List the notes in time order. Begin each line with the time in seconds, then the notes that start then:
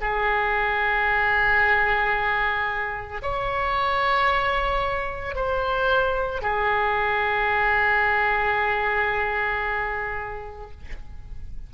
0.00 G#4
3.22 C#5
5.35 C5
6.42 G#4